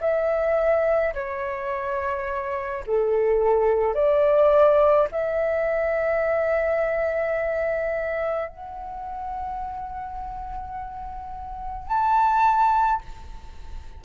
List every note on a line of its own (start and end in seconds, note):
0.00 1.13 E5
1.14 2.84 C#5
2.87 3.94 A4
3.94 5.07 D5
5.11 8.49 E5
8.49 11.88 F#5
11.88 13.01 A5